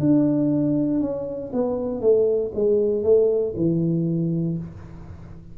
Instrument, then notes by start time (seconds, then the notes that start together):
tuba
0.00 D4
1.01 C#4
1.53 B3
2.01 A3
2.55 G#3
3.04 A3
3.57 E3